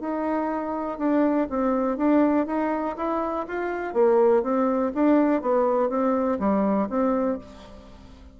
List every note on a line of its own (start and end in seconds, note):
0.00 0.98 D#4
0.98 1.47 D4
1.50 1.97 C4
1.97 2.46 D4
2.46 2.95 D#4
2.97 3.46 E4
3.47 3.93 F4
3.93 4.42 A#3
4.43 4.92 C4
4.94 5.41 D4
5.41 5.89 B3
5.89 6.38 C4
6.39 6.88 G3
6.89 7.38 C4